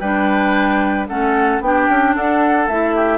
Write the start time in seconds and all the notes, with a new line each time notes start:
0.00 G3 D4 B4 G5
1.08 A3 C#4 A4 F#5
1.61 B3 D4 G4 G5
1.90 C#4
2.16 D4 A4 F#5
2.68 A3 E4 E5
2.96 G4